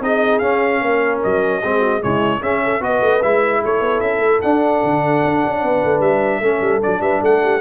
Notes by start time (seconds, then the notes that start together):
0.00 C4 D#4 G#4 D#5
0.39 C#4 F5
0.81 A#3 A#4
1.23 F#3 D#5
1.63 G#3 C4 G#4
1.80 F#4
2.01 C#3 G#3 E4 C#5
2.41 C#4 G#4 E5
2.64 A4
2.81 B3 F#4 B4 D#5
3.01 A3
3.22 G#3 E4 E5
3.61 A3 A4 C#5
3.81 B3
4.00 C#4 E5
4.19 A3
4.42 D4 F#5
4.83 D3
5.24 D4
5.45 C#4
5.61 B3 B4
5.83 A3
6.00 G3 E5
6.40 A3 C#4 A4
6.61 G3
6.82 F#3 D4 D5
7.01 G3 B4 E5
7.22 A3 A4 F#5
7.43 G4